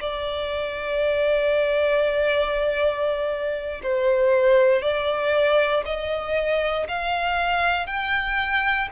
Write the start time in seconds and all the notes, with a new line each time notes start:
0.00 D5
3.83 C5
4.82 D5
5.85 D#5
6.88 F5
7.86 G5